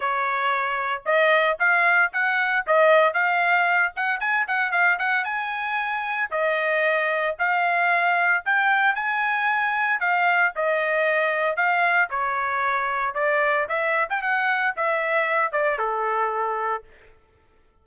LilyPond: \new Staff \with { instrumentName = "trumpet" } { \time 4/4 \tempo 4 = 114 cis''2 dis''4 f''4 | fis''4 dis''4 f''4. fis''8 | gis''8 fis''8 f''8 fis''8 gis''2 | dis''2 f''2 |
g''4 gis''2 f''4 | dis''2 f''4 cis''4~ | cis''4 d''4 e''8. g''16 fis''4 | e''4. d''8 a'2 | }